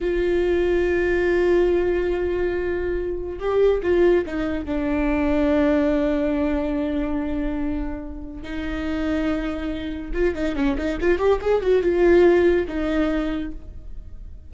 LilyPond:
\new Staff \with { instrumentName = "viola" } { \time 4/4 \tempo 4 = 142 f'1~ | f'1 | g'4 f'4 dis'4 d'4~ | d'1~ |
d'1 | dis'1 | f'8 dis'8 cis'8 dis'8 f'8 g'8 gis'8 fis'8 | f'2 dis'2 | }